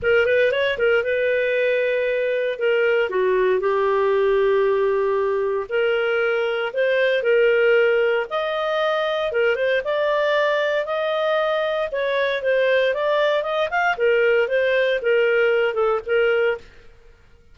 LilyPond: \new Staff \with { instrumentName = "clarinet" } { \time 4/4 \tempo 4 = 116 ais'8 b'8 cis''8 ais'8 b'2~ | b'4 ais'4 fis'4 g'4~ | g'2. ais'4~ | ais'4 c''4 ais'2 |
dis''2 ais'8 c''8 d''4~ | d''4 dis''2 cis''4 | c''4 d''4 dis''8 f''8 ais'4 | c''4 ais'4. a'8 ais'4 | }